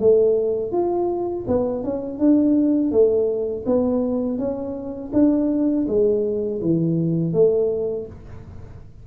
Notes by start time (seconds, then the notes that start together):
0.00 A3
0.72 F4
1.47 B3
1.84 C#4
2.19 D4
2.91 A3
3.66 B3
4.38 C#4
5.13 D4
5.88 G#3
6.62 E3
7.33 A3